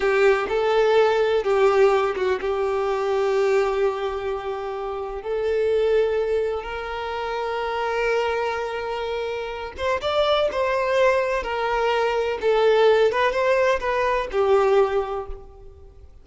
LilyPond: \new Staff \with { instrumentName = "violin" } { \time 4/4 \tempo 4 = 126 g'4 a'2 g'4~ | g'8 fis'8 g'2.~ | g'2. a'4~ | a'2 ais'2~ |
ais'1~ | ais'8 c''8 d''4 c''2 | ais'2 a'4. b'8 | c''4 b'4 g'2 | }